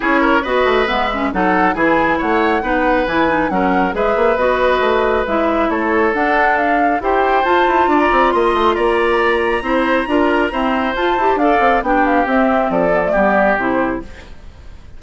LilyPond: <<
  \new Staff \with { instrumentName = "flute" } { \time 4/4 \tempo 4 = 137 cis''4 dis''4 e''4 fis''4 | gis''4 fis''2 gis''4 | fis''4 e''4 dis''2 | e''4 cis''4 fis''4 f''4 |
g''4 a''4~ a''16 ais''8. c'''4 | ais''1~ | ais''4 a''4 f''4 g''8 f''8 | e''4 d''2 c''4 | }
  \new Staff \with { instrumentName = "oboe" } { \time 4/4 gis'8 ais'8 b'2 a'4 | gis'4 cis''4 b'2 | ais'4 b'2.~ | b'4 a'2. |
c''2 d''4 dis''4 | d''2 c''4 ais'4 | c''2 d''4 g'4~ | g'4 a'4 g'2 | }
  \new Staff \with { instrumentName = "clarinet" } { \time 4/4 e'4 fis'4 b8 cis'8 dis'4 | e'2 dis'4 e'8 dis'8 | cis'4 gis'4 fis'2 | e'2 d'2 |
g'4 f'2.~ | f'2 e'4 f'4 | c'4 f'8 g'8 a'4 d'4 | c'4. b16 a16 b4 e'4 | }
  \new Staff \with { instrumentName = "bassoon" } { \time 4/4 cis'4 b8 a8 gis4 fis4 | e4 a4 b4 e4 | fis4 gis8 ais8 b4 a4 | gis4 a4 d'2 |
e'4 f'8 e'8 d'8 c'8 ais8 a8 | ais2 c'4 d'4 | e'4 f'8 e'8 d'8 c'8 b4 | c'4 f4 g4 c4 | }
>>